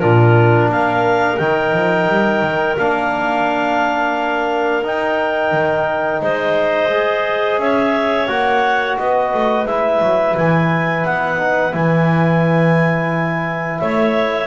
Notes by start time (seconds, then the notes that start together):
0.00 A#2 D4 F4 A#4
0.68 A#3 A#4 F5
1.38 D#3 D#4 G5
1.73 F3
2.08 G3
2.41 D#3
2.78 A#3 D4 F5
4.83 D#4 G5
5.52 D#3
6.21 G#3 C5 D#5
6.90 G#4
7.58 C#4 C#5 E5
8.27 A#3 F#4 F#5
8.98 B3 B4 D#5
9.34 A3
9.65 G#3 E4 E5
10.01 F#3
10.37 E3 G#5
11.05 B3 F#5
11.38 D#4
11.71 E3 E4 G#5
13.79 A3 C#5 E5